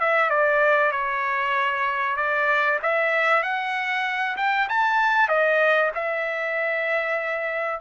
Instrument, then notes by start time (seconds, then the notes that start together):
trumpet
0.00 E5
0.30 D5
0.91 C#5
2.17 D5
2.82 E5
3.43 F#5
4.37 G5
4.69 A5
5.29 D#5
5.95 E5